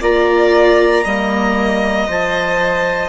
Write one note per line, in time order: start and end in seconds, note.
0.00 1.04 A#3
0.00 1.04 F4
0.00 1.03 D5
0.00 2.09 A#5
1.04 2.08 G3
1.04 2.07 A#3
1.04 3.08 D#5
2.07 3.08 F3
2.07 3.08 C5
2.07 3.08 A5